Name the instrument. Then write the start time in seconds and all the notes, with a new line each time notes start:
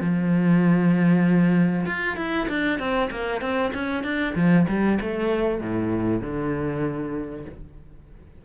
cello
0.00 F3
1.86 F4
2.16 E4
2.49 D4
2.79 C4
3.11 A#3
3.41 C4
3.74 C#4
4.03 D4
4.35 F3
4.68 G3
5.01 A3
5.61 A2
6.21 D3